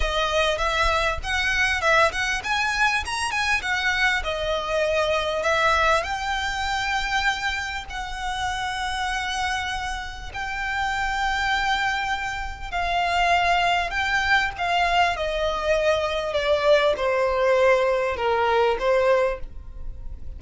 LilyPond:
\new Staff \with { instrumentName = "violin" } { \time 4/4 \tempo 4 = 99 dis''4 e''4 fis''4 e''8 fis''8 | gis''4 ais''8 gis''8 fis''4 dis''4~ | dis''4 e''4 g''2~ | g''4 fis''2.~ |
fis''4 g''2.~ | g''4 f''2 g''4 | f''4 dis''2 d''4 | c''2 ais'4 c''4 | }